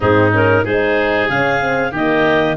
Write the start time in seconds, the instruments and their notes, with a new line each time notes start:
0.00 tuba G#2, horn C4, oboe D#4, clarinet G#4
0.31 horn C#4, clarinet A#4
0.64 tuba G#3, horn D#4, oboe G#4, clarinet C5
1.28 tuba C#3, horn C#4, clarinet F5
1.60 horn C4
1.91 tuba D#3, horn A#3, oboe G4, clarinet D#5